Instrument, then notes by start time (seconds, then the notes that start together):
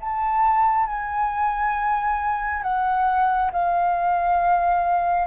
flute
0.00 A5
0.87 G#5
2.62 F#5
3.52 F5